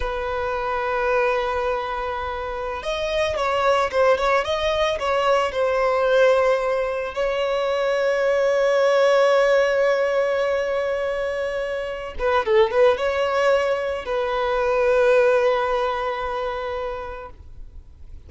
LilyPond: \new Staff \with { instrumentName = "violin" } { \time 4/4 \tempo 4 = 111 b'1~ | b'4~ b'16 dis''4 cis''4 c''8 cis''16~ | cis''16 dis''4 cis''4 c''4.~ c''16~ | c''4~ c''16 cis''2~ cis''8.~ |
cis''1~ | cis''2~ cis''8 b'8 a'8 b'8 | cis''2 b'2~ | b'1 | }